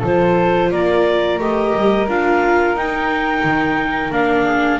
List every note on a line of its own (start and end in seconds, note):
0.00 0.71 F3
0.00 1.39 F4
0.00 0.68 A4
0.00 0.71 C5
0.71 1.39 A#3
0.71 4.44 A#4
0.71 1.40 D5
1.39 1.73 A3
1.39 2.07 G4
1.39 2.09 D#5
1.75 2.08 G3
2.08 2.74 D4
2.08 2.76 F4
2.08 2.77 F5
2.74 3.42 D#4
2.74 4.12 D#4
2.74 4.12 G5
3.44 4.10 D#3
4.10 4.78 A#3
4.10 4.80 D4
4.10 4.80 F5
4.44 4.78 G#4